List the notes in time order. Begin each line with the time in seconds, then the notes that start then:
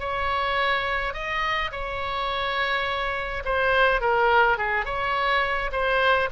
0.00 C#5
1.14 D#5
1.72 C#5
3.45 C5
4.01 A#4
4.58 G#4
4.85 C#5
5.72 C5